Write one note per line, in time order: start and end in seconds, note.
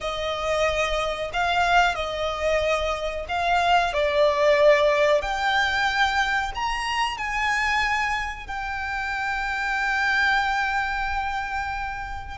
0.00 1.31 D#5
1.33 1.95 F5
1.95 3.25 D#5
3.28 3.93 F5
3.93 5.21 D5
5.21 6.52 G5
6.54 7.17 A#5
7.17 8.46 G#5
8.46 12.37 G5